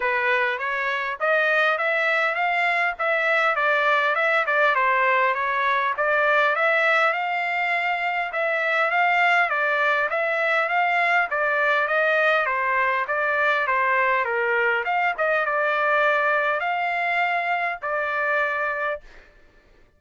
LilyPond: \new Staff \with { instrumentName = "trumpet" } { \time 4/4 \tempo 4 = 101 b'4 cis''4 dis''4 e''4 | f''4 e''4 d''4 e''8 d''8 | c''4 cis''4 d''4 e''4 | f''2 e''4 f''4 |
d''4 e''4 f''4 d''4 | dis''4 c''4 d''4 c''4 | ais'4 f''8 dis''8 d''2 | f''2 d''2 | }